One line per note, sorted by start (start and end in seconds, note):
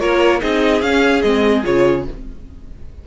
0.00 0.42 A#3
0.00 0.41 F4
0.00 0.41 A#4
0.00 0.41 C#5
0.41 0.82 C4
0.41 0.82 D#4
0.41 2.05 G#4
0.41 0.82 D#5
0.82 1.23 C#4
0.82 1.24 C#4
0.82 1.22 F5
1.22 1.65 G#3
1.22 1.64 C4
1.22 1.63 D#5
1.64 2.08 C#3
1.64 2.05 F4
1.64 2.06 C#5